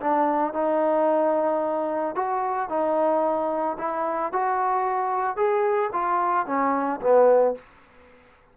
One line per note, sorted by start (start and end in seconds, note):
0.00 0.53 D4
0.53 2.15 D#4
2.15 2.69 F#4
2.69 3.77 D#4
3.78 4.32 E4
4.32 5.36 F#4
5.36 5.90 G#4
5.92 6.46 F4
6.46 7.00 C#4
7.00 7.54 B3